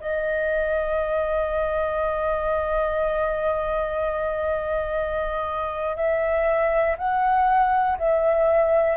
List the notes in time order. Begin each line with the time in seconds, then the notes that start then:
0.00 D#5
5.96 E5
6.97 F#5
7.98 E5